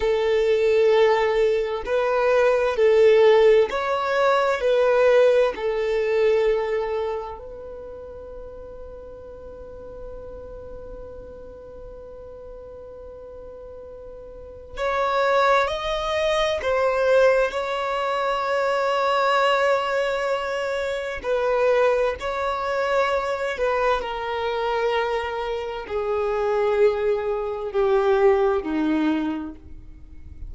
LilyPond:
\new Staff \with { instrumentName = "violin" } { \time 4/4 \tempo 4 = 65 a'2 b'4 a'4 | cis''4 b'4 a'2 | b'1~ | b'1 |
cis''4 dis''4 c''4 cis''4~ | cis''2. b'4 | cis''4. b'8 ais'2 | gis'2 g'4 dis'4 | }